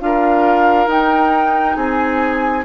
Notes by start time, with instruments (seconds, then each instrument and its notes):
0.00 bassoon D4, clarinet F4, oboe A#4, flute F5
0.87 bassoon D#4, clarinet D#4, flute G5
1.76 bassoon C4, oboe G#4, flute G#5